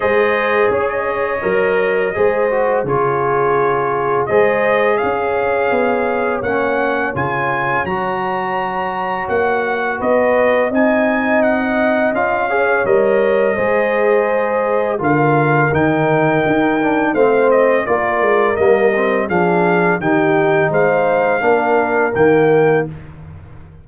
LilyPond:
<<
  \new Staff \with { instrumentName = "trumpet" } { \time 4/4 \tempo 4 = 84 dis''4 gis'16 dis''2~ dis''8. | cis''2 dis''4 f''4~ | f''4 fis''4 gis''4 ais''4~ | ais''4 fis''4 dis''4 gis''4 |
fis''4 f''4 dis''2~ | dis''4 f''4 g''2 | f''8 dis''8 d''4 dis''4 f''4 | g''4 f''2 g''4 | }
  \new Staff \with { instrumentName = "horn" } { \time 4/4 c''4 cis''2 c''4 | gis'2 c''4 cis''4~ | cis''1~ | cis''2 b'4 dis''4~ |
dis''4. cis''4. c''4~ | c''4 ais'2. | c''4 ais'2 gis'4 | g'4 c''4 ais'2 | }
  \new Staff \with { instrumentName = "trombone" } { \time 4/4 gis'2 ais'4 gis'8 fis'8 | f'2 gis'2~ | gis'4 cis'4 f'4 fis'4~ | fis'2. dis'4~ |
dis'4 f'8 gis'8 ais'4 gis'4~ | gis'4 f'4 dis'4. d'8 | c'4 f'4 ais8 c'8 d'4 | dis'2 d'4 ais4 | }
  \new Staff \with { instrumentName = "tuba" } { \time 4/4 gis4 cis'4 fis4 gis4 | cis2 gis4 cis'4 | b4 ais4 cis4 fis4~ | fis4 ais4 b4 c'4~ |
c'4 cis'4 g4 gis4~ | gis4 d4 dis4 dis'4 | a4 ais8 gis8 g4 f4 | dis4 gis4 ais4 dis4 | }
>>